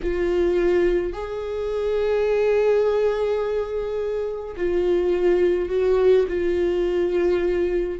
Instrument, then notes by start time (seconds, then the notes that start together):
viola
0.02 F4
1.12 G#4
4.56 F4
5.69 F#4
6.28 F4